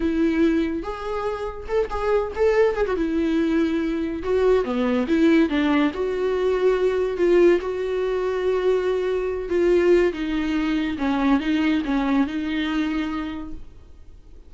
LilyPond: \new Staff \with { instrumentName = "viola" } { \time 4/4 \tempo 4 = 142 e'2 gis'2 | a'8 gis'4 a'4 gis'16 fis'16 e'4~ | e'2 fis'4 b4 | e'4 d'4 fis'2~ |
fis'4 f'4 fis'2~ | fis'2~ fis'8 f'4. | dis'2 cis'4 dis'4 | cis'4 dis'2. | }